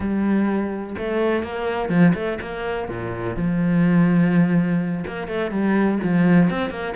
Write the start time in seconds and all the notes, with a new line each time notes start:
0.00 G3
0.98 A3
1.43 A#3
1.89 F3
2.14 A3
2.41 A#3
2.88 A#2
3.36 F3
5.06 A#3
5.27 A3
5.50 G3
6.03 F3
6.50 C4
6.70 A#3